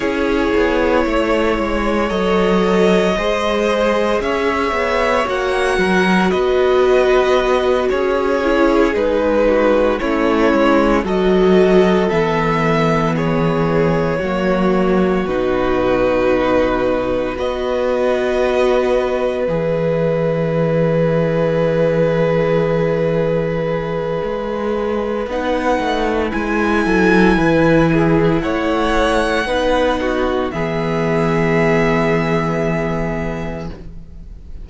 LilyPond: <<
  \new Staff \with { instrumentName = "violin" } { \time 4/4 \tempo 4 = 57 cis''2 dis''2 | e''4 fis''4 dis''4. cis''8~ | cis''8 b'4 cis''4 dis''4 e''8~ | e''8 cis''2 b'4.~ |
b'8 dis''2 e''4.~ | e''1 | fis''4 gis''2 fis''4~ | fis''4 e''2. | }
  \new Staff \with { instrumentName = "violin" } { \time 4/4 gis'4 cis''2 c''4 | cis''4. ais'8 b'4. gis'8~ | gis'4 fis'8 e'4 a'4.~ | a'8 gis'4 fis'2~ fis'8~ |
fis'8 b'2.~ b'8~ | b'1~ | b'4. a'8 b'8 gis'8 cis''4 | b'8 fis'8 gis'2. | }
  \new Staff \with { instrumentName = "viola" } { \time 4/4 e'2 a'4 gis'4~ | gis'4 fis'2. | e'8 dis'4 cis'4 fis'4 b8~ | b4. ais4 dis'4.~ |
dis'8 fis'2 gis'4.~ | gis'1 | dis'4 e'2. | dis'4 b2. | }
  \new Staff \with { instrumentName = "cello" } { \time 4/4 cis'8 b8 a8 gis8 fis4 gis4 | cis'8 b8 ais8 fis8 b4. cis'8~ | cis'8 gis4 a8 gis8 fis4 e8~ | e4. fis4 b,4.~ |
b,8 b2 e4.~ | e2. gis4 | b8 a8 gis8 fis8 e4 a4 | b4 e2. | }
>>